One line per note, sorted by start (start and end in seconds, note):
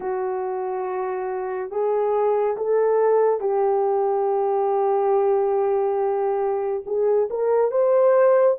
0.00 1.70 F#4
1.70 2.56 G#4
2.56 3.40 A4
3.40 6.83 G4
6.86 7.29 G#4
7.30 7.71 A#4
7.71 8.57 C5